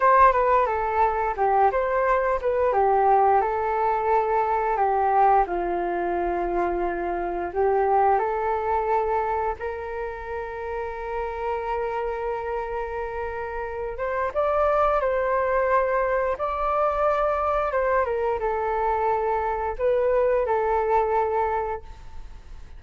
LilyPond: \new Staff \with { instrumentName = "flute" } { \time 4/4 \tempo 4 = 88 c''8 b'8 a'4 g'8 c''4 b'8 | g'4 a'2 g'4 | f'2. g'4 | a'2 ais'2~ |
ais'1~ | ais'8 c''8 d''4 c''2 | d''2 c''8 ais'8 a'4~ | a'4 b'4 a'2 | }